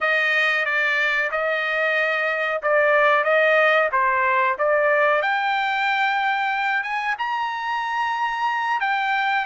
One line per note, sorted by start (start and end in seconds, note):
0.00 0.65 D#5
0.65 1.30 D5
1.31 2.61 D#5
2.62 3.23 D5
3.23 3.89 D#5
3.92 4.57 C5
4.58 5.22 D5
5.22 6.83 G5
6.83 7.15 G#5
7.18 8.80 A#5
8.80 9.45 G5